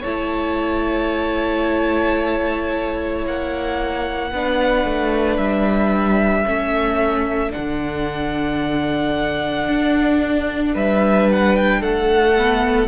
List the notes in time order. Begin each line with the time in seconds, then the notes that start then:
0.00 A3 E4 C#5 A5
3.25 A#3 F#5
4.32 B3 D4 B4
4.84 A3
5.37 G3 E5
6.45 A3 C#4 A4
7.49 D4 F#5
7.57 D3
9.68 D4
10.74 G3 B4 E5
11.32 F#5
11.56 G5
11.81 A3 A4 F#5
12.37 B3